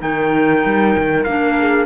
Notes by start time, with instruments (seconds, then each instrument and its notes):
0.00 cello D#3, clarinet D#4, horn A#4, trumpet G5
0.65 cello G3
0.97 cello D#3
1.23 cello A#3, clarinet D4, trumpet F5
1.59 horn G#4